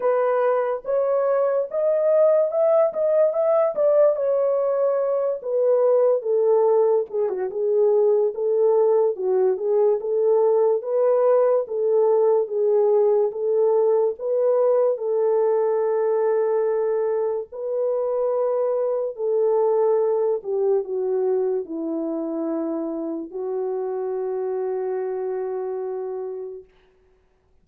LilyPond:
\new Staff \with { instrumentName = "horn" } { \time 4/4 \tempo 4 = 72 b'4 cis''4 dis''4 e''8 dis''8 | e''8 d''8 cis''4. b'4 a'8~ | a'8 gis'16 fis'16 gis'4 a'4 fis'8 gis'8 | a'4 b'4 a'4 gis'4 |
a'4 b'4 a'2~ | a'4 b'2 a'4~ | a'8 g'8 fis'4 e'2 | fis'1 | }